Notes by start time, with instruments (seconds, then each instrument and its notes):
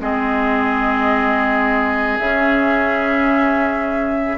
0.00 bassoon G#3, clarinet C4, oboe G#4, flute D#5
2.19 bassoon C#3, clarinet C#4, flute E5